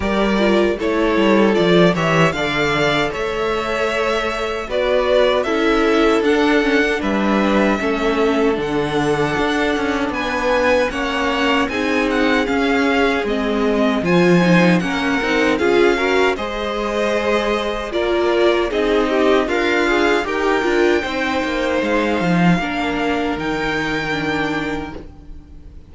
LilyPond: <<
  \new Staff \with { instrumentName = "violin" } { \time 4/4 \tempo 4 = 77 d''4 cis''4 d''8 e''8 f''4 | e''2 d''4 e''4 | fis''4 e''2 fis''4~ | fis''4 gis''4 fis''4 gis''8 fis''8 |
f''4 dis''4 gis''4 fis''4 | f''4 dis''2 d''4 | dis''4 f''4 g''2 | f''2 g''2 | }
  \new Staff \with { instrumentName = "violin" } { \time 4/4 ais'4 a'4. cis''8 d''4 | cis''2 b'4 a'4~ | a'4 b'4 a'2~ | a'4 b'4 cis''4 gis'4~ |
gis'2 c''4 ais'4 | gis'8 ais'8 c''2 ais'4 | gis'8 g'8 f'4 ais'4 c''4~ | c''4 ais'2. | }
  \new Staff \with { instrumentName = "viola" } { \time 4/4 g'8 f'8 e'4 f'8 g'8 a'4~ | a'2 fis'4 e'4 | d'8 cis'16 d'4~ d'16 cis'4 d'4~ | d'2 cis'4 dis'4 |
cis'4 c'4 f'8 dis'8 cis'8 dis'8 | f'8 fis'8 gis'2 f'4 | dis'4 ais'8 gis'8 g'8 f'8 dis'4~ | dis'4 d'4 dis'4 d'4 | }
  \new Staff \with { instrumentName = "cello" } { \time 4/4 g4 a8 g8 f8 e8 d4 | a2 b4 cis'4 | d'4 g4 a4 d4 | d'8 cis'8 b4 ais4 c'4 |
cis'4 gis4 f4 ais8 c'8 | cis'4 gis2 ais4 | c'4 d'4 dis'8 d'8 c'8 ais8 | gis8 f8 ais4 dis2 | }
>>